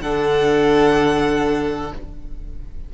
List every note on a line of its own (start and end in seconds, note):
0.00 1.92 D3
0.00 1.93 D4
0.00 1.94 A4
0.00 1.91 F#5